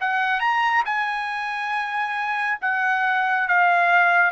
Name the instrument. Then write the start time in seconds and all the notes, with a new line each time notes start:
trumpet
0.00 F#5
0.40 A#5
0.85 G#5
2.61 F#5
3.48 F5